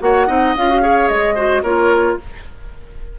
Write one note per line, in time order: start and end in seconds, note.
0.00 0.28 A#3
0.00 0.27 F#4
0.00 0.27 C#5
0.00 0.56 F#5
0.27 0.56 C4
0.27 0.54 D#4
0.27 0.82 D#5
0.56 1.10 C#4
0.56 0.69 F4
0.56 1.08 F5
0.69 0.82 F#4
0.82 1.36 G#4
0.82 1.35 C#5
1.08 1.63 G#3
1.08 1.63 D#5
1.35 1.64 F#4
1.35 1.62 C5
1.63 2.17 A#3
1.63 2.19 F4
1.63 2.18 A#4
1.63 2.18 C#5